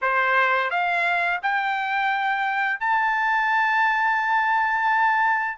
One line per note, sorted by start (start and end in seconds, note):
0.01 0.70 C5
0.70 1.40 F5
1.42 2.80 G5
2.80 5.58 A5